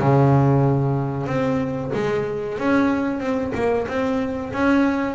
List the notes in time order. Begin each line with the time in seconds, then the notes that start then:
0.00 C#3
1.27 C4
1.94 G#3
2.59 C#4
3.20 C4
3.55 A#3
3.88 C4
4.53 C#4